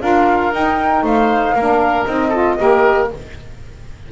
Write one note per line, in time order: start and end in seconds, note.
0.00 0.52 D4
0.00 0.51 F4
0.00 1.04 A#4
0.00 0.52 F5
0.52 1.02 D#4
0.52 1.57 D#4
0.52 1.05 G5
1.02 1.54 A3
1.02 1.55 C5
1.02 2.05 F5
1.54 2.05 A#3
1.54 2.08 D4
1.54 2.29 A#4
2.05 2.58 C4
2.05 2.33 D#4
2.05 3.08 D#5
2.29 2.58 F4
2.29 2.54 A4
2.58 3.11 A#3
2.58 3.09 G4
2.58 3.11 A#4